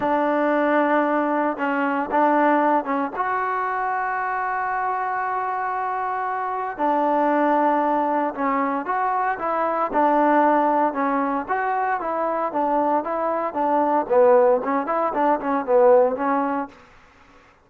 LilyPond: \new Staff \with { instrumentName = "trombone" } { \time 4/4 \tempo 4 = 115 d'2. cis'4 | d'4. cis'8 fis'2~ | fis'1~ | fis'4 d'2. |
cis'4 fis'4 e'4 d'4~ | d'4 cis'4 fis'4 e'4 | d'4 e'4 d'4 b4 | cis'8 e'8 d'8 cis'8 b4 cis'4 | }